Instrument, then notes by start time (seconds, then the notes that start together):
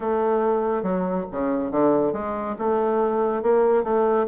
bassoon
0.00 A3
0.82 F#3
1.31 C#3
1.71 D3
2.13 G#3
2.58 A3
3.42 A#3
3.83 A3